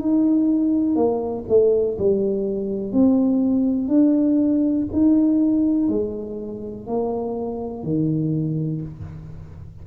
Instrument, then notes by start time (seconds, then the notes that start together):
tuba
0.00 D#4
0.96 A#3
1.49 A3
1.99 G3
2.93 C4
3.89 D4
4.93 D#4
5.89 G#3
6.87 A#3
7.83 D#3